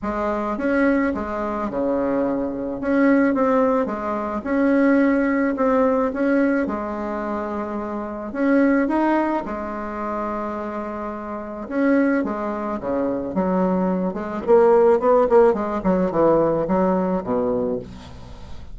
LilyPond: \new Staff \with { instrumentName = "bassoon" } { \time 4/4 \tempo 4 = 108 gis4 cis'4 gis4 cis4~ | cis4 cis'4 c'4 gis4 | cis'2 c'4 cis'4 | gis2. cis'4 |
dis'4 gis2.~ | gis4 cis'4 gis4 cis4 | fis4. gis8 ais4 b8 ais8 | gis8 fis8 e4 fis4 b,4 | }